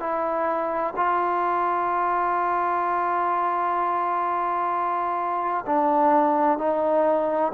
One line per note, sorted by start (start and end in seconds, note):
0.00 0.94 E4
0.96 5.65 F4
5.66 6.58 D4
6.58 7.52 D#4